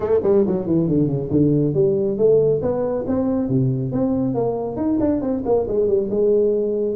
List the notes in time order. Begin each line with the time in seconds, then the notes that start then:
0.00 A3
0.23 G3
0.46 F#3
0.66 E3
0.88 D3
1.07 C#3
1.30 D3
1.74 G3
2.17 A3
2.61 B3
3.07 C4
3.48 C3
3.92 C4
4.34 A#3
4.76 D#4
4.99 D4
5.21 C4
5.45 A#3
5.67 G#3
5.87 G3
6.10 G#3